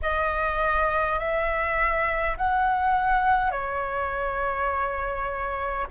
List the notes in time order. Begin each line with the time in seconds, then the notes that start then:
0.02 D#5
1.19 E5
2.37 F#5
3.51 C#5